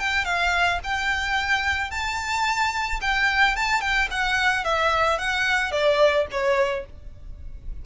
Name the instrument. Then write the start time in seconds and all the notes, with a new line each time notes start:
violin
0.00 G5
0.25 F5
0.84 G5
1.91 A5
3.02 G5
3.57 A5
3.81 G5
4.11 F#5
4.65 E5
5.19 F#5
5.72 D5
6.32 C#5